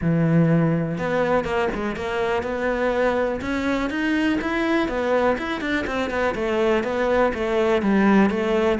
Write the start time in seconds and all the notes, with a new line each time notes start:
0.01 E3
0.98 B3
1.44 A#3
1.74 G#3
1.96 A#3
2.43 B3
3.41 C#4
3.90 D#4
4.41 E4
4.88 B3
5.38 E4
5.60 D4
5.86 C4
6.10 B3
6.34 A3
6.83 B3
7.33 A3
7.82 G3
8.30 A3